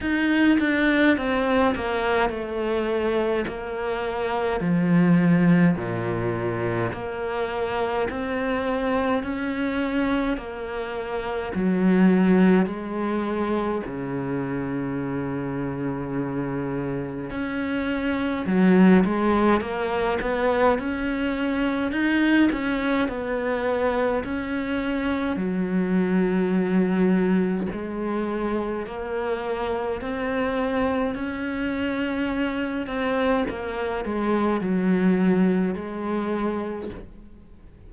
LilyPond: \new Staff \with { instrumentName = "cello" } { \time 4/4 \tempo 4 = 52 dis'8 d'8 c'8 ais8 a4 ais4 | f4 ais,4 ais4 c'4 | cis'4 ais4 fis4 gis4 | cis2. cis'4 |
fis8 gis8 ais8 b8 cis'4 dis'8 cis'8 | b4 cis'4 fis2 | gis4 ais4 c'4 cis'4~ | cis'8 c'8 ais8 gis8 fis4 gis4 | }